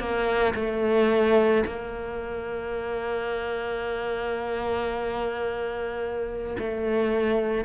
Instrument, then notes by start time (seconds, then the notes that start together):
cello
0.00 A#3
0.56 A3
1.66 A#3
6.60 A3